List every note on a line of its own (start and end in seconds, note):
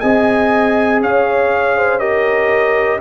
0.00 1.00 C4
0.00 1.99 G#4
0.00 1.00 D#5
0.00 1.00 G#5
1.00 3.00 C#4
1.00 1.77 C#5
1.00 1.99 F5
1.77 2.00 C5
1.99 2.99 G4
1.99 3.00 A#4
1.99 2.99 D#5